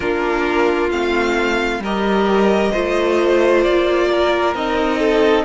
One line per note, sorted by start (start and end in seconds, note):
0.00 0.91 A#3
0.00 0.91 D4
0.00 1.82 F4
0.00 0.90 A#4
0.91 1.79 A3
0.91 1.82 C4
0.91 1.82 F5
1.79 2.70 G3
1.79 2.74 G4
1.79 2.71 A#4
1.79 3.63 D#5
2.71 3.65 A3
2.71 4.55 F4
2.71 4.08 C5
3.63 4.54 A#3
3.63 4.54 D5
4.11 4.99 A#4
4.54 5.45 C4
4.54 5.45 D#4
4.54 5.45 D#5
4.99 5.45 A4